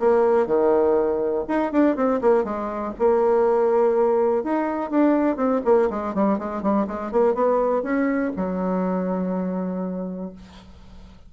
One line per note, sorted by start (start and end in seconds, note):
0.00 0.47 A#3
0.47 1.45 D#3
1.48 1.72 D#4
1.72 1.96 D4
1.96 2.21 C4
2.22 2.45 A#3
2.45 2.94 G#3
2.99 4.44 A#3
4.44 4.91 D#4
4.91 5.37 D4
5.37 5.61 C4
5.65 5.90 A#3
5.91 6.15 G#3
6.15 6.39 G3
6.39 6.63 G#3
6.63 6.87 G3
6.88 7.12 G#3
7.12 7.35 A#3
7.35 7.83 B3
7.83 8.32 C#4
8.37 10.33 F#3